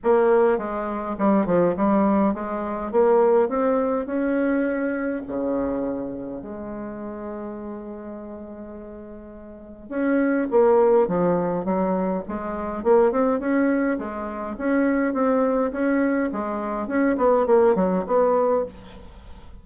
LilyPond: \new Staff \with { instrumentName = "bassoon" } { \time 4/4 \tempo 4 = 103 ais4 gis4 g8 f8 g4 | gis4 ais4 c'4 cis'4~ | cis'4 cis2 gis4~ | gis1~ |
gis4 cis'4 ais4 f4 | fis4 gis4 ais8 c'8 cis'4 | gis4 cis'4 c'4 cis'4 | gis4 cis'8 b8 ais8 fis8 b4 | }